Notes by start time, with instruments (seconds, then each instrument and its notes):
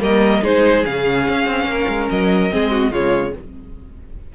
0.00 cello G3, viola A#3, violin A#4 D#5
0.43 cello G#3, viola D#4, violin G#4 C5
0.85 cello C#3, viola C#4, violin F5
1.29 cello C#4
1.47 cello C4
1.65 cello A#3
1.72 violin A#4
1.88 cello G#3
2.10 cello F#3, violin D#5
2.51 cello G#3, viola C4, violin G#4
2.71 violin F#4
2.92 cello C#3, viola G#3, violin F4 C#5